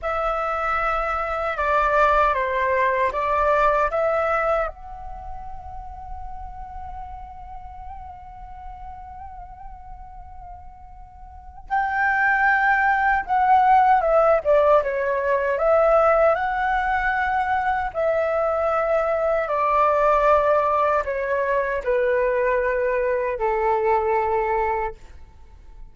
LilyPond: \new Staff \with { instrumentName = "flute" } { \time 4/4 \tempo 4 = 77 e''2 d''4 c''4 | d''4 e''4 fis''2~ | fis''1~ | fis''2. g''4~ |
g''4 fis''4 e''8 d''8 cis''4 | e''4 fis''2 e''4~ | e''4 d''2 cis''4 | b'2 a'2 | }